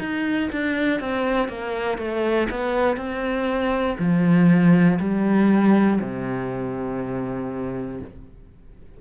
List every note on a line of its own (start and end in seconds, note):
0.00 0.50 D#4
0.52 1.01 D4
1.01 1.49 C4
1.49 1.98 A#3
1.98 2.48 A3
2.51 2.97 B3
2.97 3.97 C4
4.00 5.00 F3
5.00 6.00 G3
6.01 8.01 C3